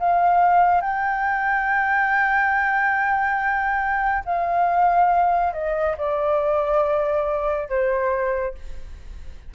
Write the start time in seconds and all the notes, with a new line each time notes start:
0.00 F5
0.81 G5
4.25 F5
5.54 D#5
5.98 D5
7.69 C5